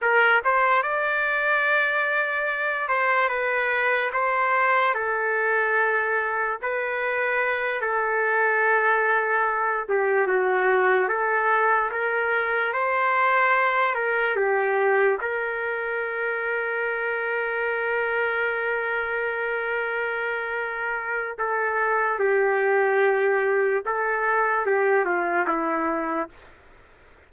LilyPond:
\new Staff \with { instrumentName = "trumpet" } { \time 4/4 \tempo 4 = 73 ais'8 c''8 d''2~ d''8 c''8 | b'4 c''4 a'2 | b'4. a'2~ a'8 | g'8 fis'4 a'4 ais'4 c''8~ |
c''4 ais'8 g'4 ais'4.~ | ais'1~ | ais'2 a'4 g'4~ | g'4 a'4 g'8 f'8 e'4 | }